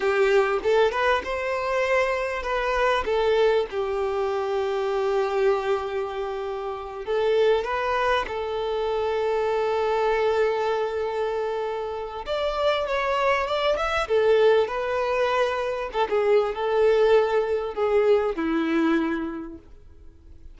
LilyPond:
\new Staff \with { instrumentName = "violin" } { \time 4/4 \tempo 4 = 98 g'4 a'8 b'8 c''2 | b'4 a'4 g'2~ | g'2.~ g'8 a'8~ | a'8 b'4 a'2~ a'8~ |
a'1 | d''4 cis''4 d''8 e''8 a'4 | b'2 a'16 gis'8. a'4~ | a'4 gis'4 e'2 | }